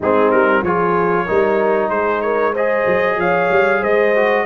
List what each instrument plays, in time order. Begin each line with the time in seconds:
0.00 tuba G#3, trombone C4, horn D#4, trumpet G#4
0.30 tuba G3, trumpet A#4
0.62 tuba F3, trombone F4, horn G#4, trumpet C#5
1.25 tuba G3, trombone D#4, horn A#4
1.89 tuba G#3, horn G#4, trumpet C5
2.21 horn A#4, trumpet C#5
2.53 trombone G#4, horn C5, trumpet D#5
2.86 tuba F#3
3.17 tuba F3, horn C#5, trumpet F5
3.50 tuba G3
3.80 tuba G#3, horn C5, trumpet D#5
4.15 trombone F#4